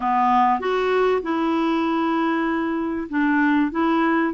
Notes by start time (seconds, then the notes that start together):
0.00 B3
0.60 F#4
1.22 E4
3.09 D4
3.71 E4